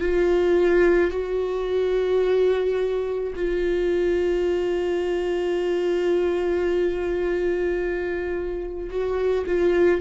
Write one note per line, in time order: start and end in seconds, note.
0.00 1.11 F4
1.11 3.33 F#4
3.35 8.89 F4
8.89 9.45 F#4
9.46 10.01 F4